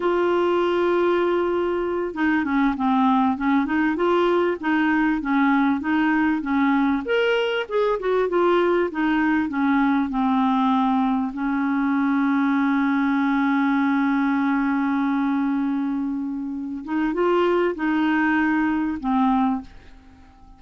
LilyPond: \new Staff \with { instrumentName = "clarinet" } { \time 4/4 \tempo 4 = 98 f'2.~ f'8 dis'8 | cis'8 c'4 cis'8 dis'8 f'4 dis'8~ | dis'8 cis'4 dis'4 cis'4 ais'8~ | ais'8 gis'8 fis'8 f'4 dis'4 cis'8~ |
cis'8 c'2 cis'4.~ | cis'1~ | cis'2.~ cis'8 dis'8 | f'4 dis'2 c'4 | }